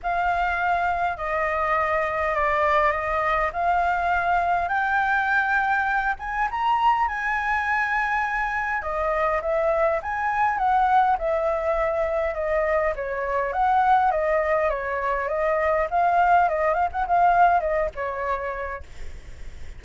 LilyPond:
\new Staff \with { instrumentName = "flute" } { \time 4/4 \tempo 4 = 102 f''2 dis''2 | d''4 dis''4 f''2 | g''2~ g''8 gis''8 ais''4 | gis''2. dis''4 |
e''4 gis''4 fis''4 e''4~ | e''4 dis''4 cis''4 fis''4 | dis''4 cis''4 dis''4 f''4 | dis''8 f''16 fis''16 f''4 dis''8 cis''4. | }